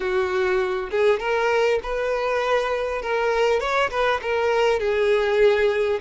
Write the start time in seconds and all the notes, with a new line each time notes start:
0.00 F#4
0.90 G#4
1.19 A#4
1.82 B4
3.02 A#4
3.60 C#5
3.90 B4
4.22 A#4
4.79 G#4